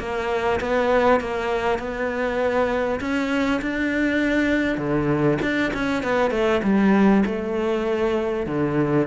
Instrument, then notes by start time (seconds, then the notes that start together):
cello
0.00 A#3
0.61 B3
1.21 A#3
1.79 B3
3.01 C#4
3.62 D4
4.78 D3
5.42 D4
5.74 C#4
6.04 B3
6.31 A3
6.64 G3
7.26 A3
8.47 D3